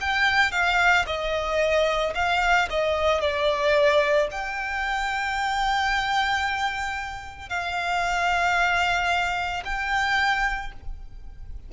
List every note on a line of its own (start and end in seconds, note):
0.00 0.52 G5
0.52 1.05 F5
1.07 2.14 D#5
2.15 2.68 F5
2.70 3.21 D#5
3.21 4.28 D5
4.31 7.49 G5
7.49 9.63 F5
9.65 10.72 G5